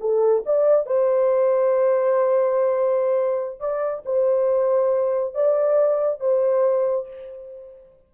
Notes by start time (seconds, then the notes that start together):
0.00 A4
0.46 D5
0.86 C5
3.60 D5
4.05 C5
5.35 D5
6.20 C5